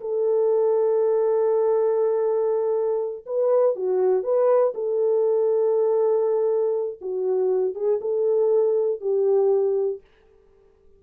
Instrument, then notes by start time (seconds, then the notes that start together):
horn
0.00 A4
3.26 B4
3.75 F#4
4.23 B4
4.74 A4
7.01 F#4
7.74 G#4
8.01 A4
9.00 G4